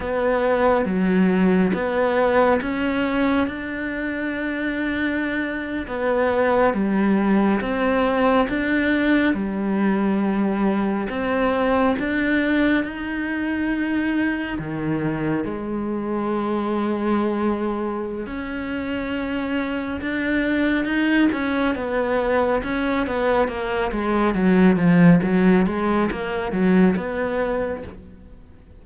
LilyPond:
\new Staff \with { instrumentName = "cello" } { \time 4/4 \tempo 4 = 69 b4 fis4 b4 cis'4 | d'2~ d'8. b4 g16~ | g8. c'4 d'4 g4~ g16~ | g8. c'4 d'4 dis'4~ dis'16~ |
dis'8. dis4 gis2~ gis16~ | gis4 cis'2 d'4 | dis'8 cis'8 b4 cis'8 b8 ais8 gis8 | fis8 f8 fis8 gis8 ais8 fis8 b4 | }